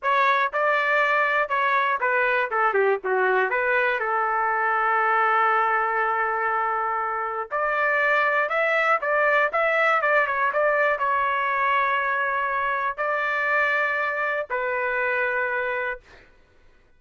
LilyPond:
\new Staff \with { instrumentName = "trumpet" } { \time 4/4 \tempo 4 = 120 cis''4 d''2 cis''4 | b'4 a'8 g'8 fis'4 b'4 | a'1~ | a'2. d''4~ |
d''4 e''4 d''4 e''4 | d''8 cis''8 d''4 cis''2~ | cis''2 d''2~ | d''4 b'2. | }